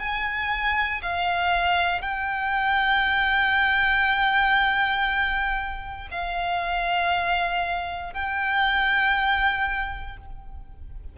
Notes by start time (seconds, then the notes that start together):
0.00 G#5
1.03 F5
2.02 G5
6.12 F5
8.14 G5